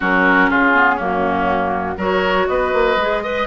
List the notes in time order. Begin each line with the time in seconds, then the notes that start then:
0.00 F#3 C#4 F#4 A#4
0.49 C#3 F4 G#4
0.74 B3
0.95 F#2 A#3 C#4 F#4
1.97 F#3 F#4 A#4 C#5
2.47 B3 B4 D#5
2.73 A#3
2.96 G#3 G#4
3.23 B4 D#5